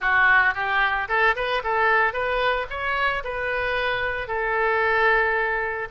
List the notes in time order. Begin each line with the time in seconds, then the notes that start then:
0.00 F#4
0.54 G4
1.08 A4
1.35 B4
1.63 A4
2.13 B4
2.69 C#5
3.23 B4
4.27 A4